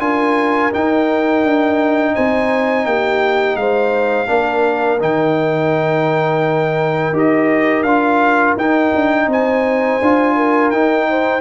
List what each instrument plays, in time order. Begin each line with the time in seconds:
0.00 tuba D4, trombone F4, horn A#4, trumpet G#5
0.72 trombone D#4, tuba D#4, trumpet G5
1.44 tuba D4
2.14 tuba C4, horn C5, trumpet G#5
2.85 tuba A#3, horn G4, trumpet G5
3.56 tuba G#3, horn C5, trumpet F5
4.27 tuba A#3, trombone D4, horn A#4
5.00 tuba D#3, trombone D#4, trumpet G5
7.12 tuba D#4, trombone G4, trumpet D#5
7.83 tuba D4, trombone F4, trumpet F5
8.56 tuba D#4, trombone D#4, trumpet G5
8.95 tuba D4
9.27 tuba C4, horn C5, trumpet G#5
10.01 tuba D4, trombone F4
10.36 horn A#4
10.71 tuba D#4, trombone D#4, trumpet G5
11.10 horn C5